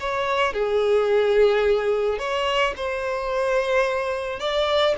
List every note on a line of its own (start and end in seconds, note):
0.00 0.53 C#5
0.53 2.18 G#4
2.18 2.73 C#5
2.76 4.40 C5
4.40 4.95 D5